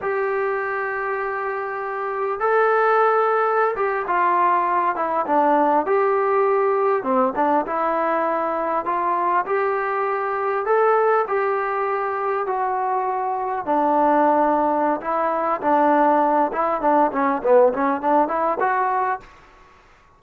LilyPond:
\new Staff \with { instrumentName = "trombone" } { \time 4/4 \tempo 4 = 100 g'1 | a'2~ a'16 g'8 f'4~ f'16~ | f'16 e'8 d'4 g'2 c'16~ | c'16 d'8 e'2 f'4 g'16~ |
g'4.~ g'16 a'4 g'4~ g'16~ | g'8. fis'2 d'4~ d'16~ | d'4 e'4 d'4. e'8 | d'8 cis'8 b8 cis'8 d'8 e'8 fis'4 | }